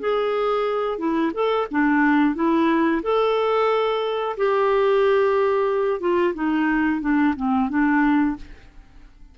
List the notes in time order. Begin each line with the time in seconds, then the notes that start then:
0.00 G#4
0.98 E4
1.34 A4
1.71 D4
2.35 E4
3.03 A4
4.37 G4
6.00 F4
6.35 D#4
7.01 D4
7.36 C4
7.70 D4